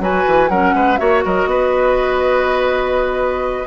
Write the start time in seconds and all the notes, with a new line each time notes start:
0.00 F#3 F#4 B4 G#5
0.27 E3
0.49 F#3 C#4 A#4 F#5
0.74 G#3 B4
0.98 A#3 F#4 C#5 E5
1.25 F#3 A#4 D#5
1.46 B3 B4